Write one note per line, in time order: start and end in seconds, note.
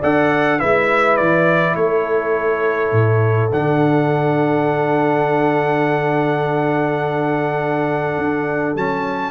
0.00 0.62 D4
0.00 0.60 A4
0.00 0.58 D5
0.00 0.60 F#5
0.59 1.20 G#3
0.59 3.51 E4
0.59 1.75 B4
0.59 1.17 E5
1.17 1.76 E3
1.17 1.75 D5
1.76 2.92 A3
1.76 9.32 A4
1.76 3.51 C#5
2.92 3.50 A2
3.52 8.18 D3
3.52 8.77 D4
3.52 8.77 F#5
8.18 8.75 D4
8.75 9.32 F#3
8.75 9.32 C#4
8.75 9.32 A5